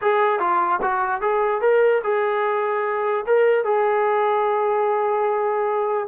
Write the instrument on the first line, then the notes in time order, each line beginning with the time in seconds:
trombone
0.01 G#4
0.39 F4
0.81 F#4
1.21 G#4
1.61 A#4
2.03 G#4
3.26 A#4
3.64 G#4